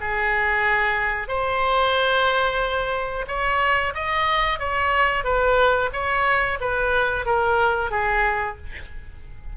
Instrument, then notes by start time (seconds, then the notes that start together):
oboe
0.00 G#4
1.27 C5
3.27 C#5
3.94 D#5
4.59 C#5
5.24 B4
5.92 C#5
6.60 B4
7.25 A#4
7.91 G#4